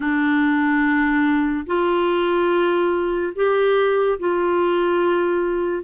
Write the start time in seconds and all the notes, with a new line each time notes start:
0.00 D4
1.66 F4
3.35 G4
4.19 F4